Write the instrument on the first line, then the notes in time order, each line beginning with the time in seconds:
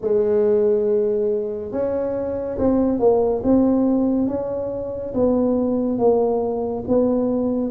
tuba
0.01 G#3
1.71 C#4
2.58 C4
2.99 A#3
3.43 C4
4.27 C#4
5.14 B3
5.98 A#3
6.87 B3